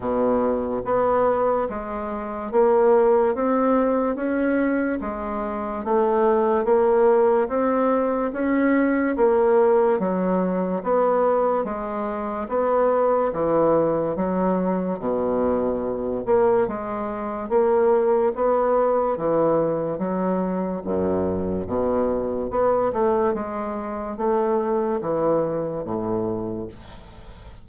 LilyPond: \new Staff \with { instrumentName = "bassoon" } { \time 4/4 \tempo 4 = 72 b,4 b4 gis4 ais4 | c'4 cis'4 gis4 a4 | ais4 c'4 cis'4 ais4 | fis4 b4 gis4 b4 |
e4 fis4 b,4. ais8 | gis4 ais4 b4 e4 | fis4 fis,4 b,4 b8 a8 | gis4 a4 e4 a,4 | }